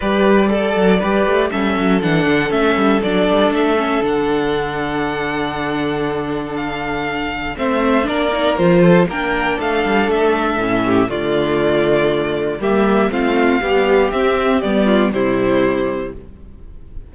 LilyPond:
<<
  \new Staff \with { instrumentName = "violin" } { \time 4/4 \tempo 4 = 119 d''2. e''4 | fis''4 e''4 d''4 e''4 | fis''1~ | fis''4 f''2 e''4 |
d''4 c''4 g''4 f''4 | e''2 d''2~ | d''4 e''4 f''2 | e''4 d''4 c''2 | }
  \new Staff \with { instrumentName = "violin" } { \time 4/4 b'4 a'4 b'4 a'4~ | a'1~ | a'1~ | a'2. c''4 |
ais'4. a'8 ais'4 a'4~ | a'4. g'8 f'2~ | f'4 g'4 f'4 g'4~ | g'4. f'8 e'2 | }
  \new Staff \with { instrumentName = "viola" } { \time 4/4 g'4 a'4 g'4 cis'4 | d'4 cis'4 d'4. cis'8 | d'1~ | d'2. c'4 |
d'8 dis'8 f'4 d'2~ | d'4 cis'4 a2~ | a4 ais4 c'4 g4 | c'4 b4 g2 | }
  \new Staff \with { instrumentName = "cello" } { \time 4/4 g4. fis8 g8 a8 g8 fis8 | e8 d8 a8 g8 fis8 g8 a4 | d1~ | d2. a4 |
ais4 f4 ais4 a8 g8 | a4 a,4 d2~ | d4 g4 a4 b4 | c'4 g4 c2 | }
>>